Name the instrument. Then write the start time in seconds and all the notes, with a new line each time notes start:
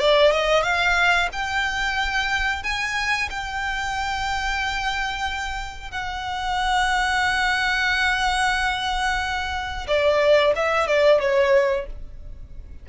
violin
0.00 D5
0.32 D#5
0.63 F5
1.33 G5
2.63 G#5
3.30 G5
5.91 F#5
9.88 D5
10.56 E5
10.88 D5
11.21 C#5